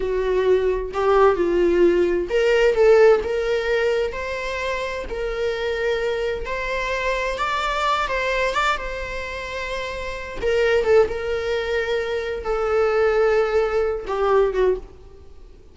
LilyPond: \new Staff \with { instrumentName = "viola" } { \time 4/4 \tempo 4 = 130 fis'2 g'4 f'4~ | f'4 ais'4 a'4 ais'4~ | ais'4 c''2 ais'4~ | ais'2 c''2 |
d''4. c''4 d''8 c''4~ | c''2~ c''8 ais'4 a'8 | ais'2. a'4~ | a'2~ a'8 g'4 fis'8 | }